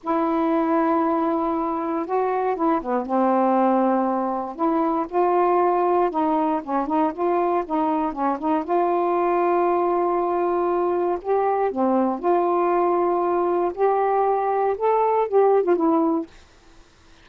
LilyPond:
\new Staff \with { instrumentName = "saxophone" } { \time 4/4 \tempo 4 = 118 e'1 | fis'4 e'8 b8 c'2~ | c'4 e'4 f'2 | dis'4 cis'8 dis'8 f'4 dis'4 |
cis'8 dis'8 f'2.~ | f'2 g'4 c'4 | f'2. g'4~ | g'4 a'4 g'8. f'16 e'4 | }